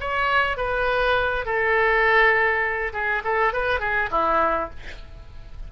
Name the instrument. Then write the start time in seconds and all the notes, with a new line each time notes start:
oboe
0.00 C#5
0.57 B4
1.45 A4
2.93 G#4
3.24 A4
3.53 B4
3.80 G#4
4.11 E4